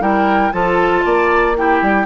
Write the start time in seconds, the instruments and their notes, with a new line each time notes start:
0.00 bassoon G3, clarinet E4, oboe A#4, flute G5
0.52 bassoon F3, clarinet F4, oboe A4, flute A5
1.05 bassoon A#3, oboe D5
1.56 clarinet E4, oboe G4, flute G5
1.82 bassoon G3